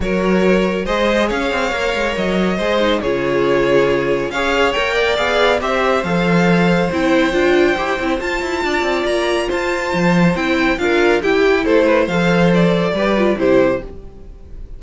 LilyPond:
<<
  \new Staff \with { instrumentName = "violin" } { \time 4/4 \tempo 4 = 139 cis''2 dis''4 f''4~ | f''4 dis''2 cis''4~ | cis''2 f''4 g''4 | f''4 e''4 f''2 |
g''2. a''4~ | a''4 ais''4 a''2 | g''4 f''4 g''4 c''4 | f''4 d''2 c''4 | }
  \new Staff \with { instrumentName = "violin" } { \time 4/4 ais'2 c''4 cis''4~ | cis''2 c''4 gis'4~ | gis'2 cis''4. d''8~ | d''4 c''2.~ |
c''1 | d''2 c''2~ | c''4 ais'4 g'4 a'8 b'8 | c''2 b'4 g'4 | }
  \new Staff \with { instrumentName = "viola" } { \time 4/4 fis'2 gis'2 | ais'2 gis'8 dis'8 f'4~ | f'2 gis'4 ais'4 | gis'4 g'4 a'2 |
e'4 f'4 g'8 e'8 f'4~ | f'1 | e'4 f'4 e'2 | a'2 g'8 f'8 e'4 | }
  \new Staff \with { instrumentName = "cello" } { \time 4/4 fis2 gis4 cis'8 c'8 | ais8 gis8 fis4 gis4 cis4~ | cis2 cis'4 ais4 | b4 c'4 f2 |
c'4 d'4 e'8 c'8 f'8 e'8 | d'8 c'8 ais4 f'4 f4 | c'4 d'4 e'4 a4 | f2 g4 c4 | }
>>